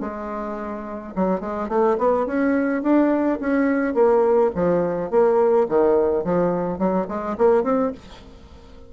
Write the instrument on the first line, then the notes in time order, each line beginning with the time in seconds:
bassoon
0.00 G#3
1.15 F#3
1.40 G#3
1.68 A3
1.98 B3
2.26 C#4
2.82 D4
3.40 C#4
3.94 A#3
4.55 F3
5.10 A#3
5.68 D#3
6.24 F3
6.78 F#3
7.08 G#3
7.38 A#3
7.63 C4